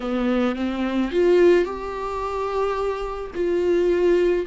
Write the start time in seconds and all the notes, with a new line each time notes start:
0.00 B3
0.55 C4
1.11 F4
1.64 G4
3.34 F4